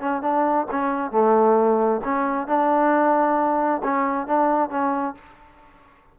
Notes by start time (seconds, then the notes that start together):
0.00 C#4
0.22 D4
0.71 C#4
1.11 A3
2.04 C#4
2.47 D4
3.83 C#4
4.27 D4
4.70 C#4